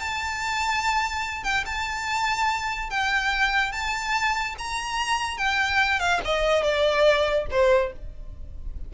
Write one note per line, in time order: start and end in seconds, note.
0.00 1.44 A5
1.44 1.65 G5
1.66 2.90 A5
2.90 3.72 G5
3.72 4.56 A5
4.59 5.38 A#5
5.38 6.00 G5
6.00 6.21 F5
6.25 6.63 D#5
6.63 7.46 D5
7.51 7.93 C5